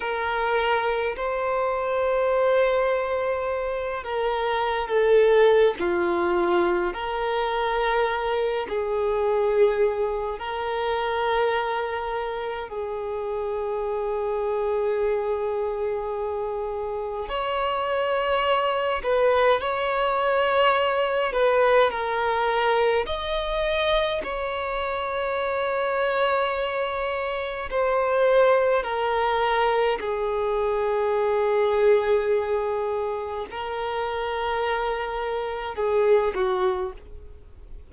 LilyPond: \new Staff \with { instrumentName = "violin" } { \time 4/4 \tempo 4 = 52 ais'4 c''2~ c''8 ais'8~ | ais'16 a'8. f'4 ais'4. gis'8~ | gis'4 ais'2 gis'4~ | gis'2. cis''4~ |
cis''8 b'8 cis''4. b'8 ais'4 | dis''4 cis''2. | c''4 ais'4 gis'2~ | gis'4 ais'2 gis'8 fis'8 | }